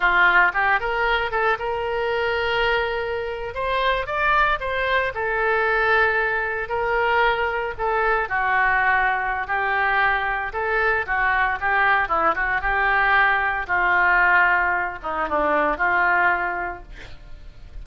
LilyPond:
\new Staff \with { instrumentName = "oboe" } { \time 4/4 \tempo 4 = 114 f'4 g'8 ais'4 a'8 ais'4~ | ais'2~ ais'8. c''4 d''16~ | d''8. c''4 a'2~ a'16~ | a'8. ais'2 a'4 fis'16~ |
fis'2 g'2 | a'4 fis'4 g'4 e'8 fis'8 | g'2 f'2~ | f'8 dis'8 d'4 f'2 | }